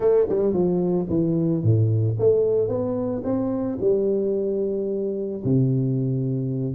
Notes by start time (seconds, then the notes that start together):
0.00 A3
0.29 G3
0.53 F3
1.09 E3
1.63 A2
2.19 A3
2.68 B3
3.24 C4
3.80 G3
5.44 C3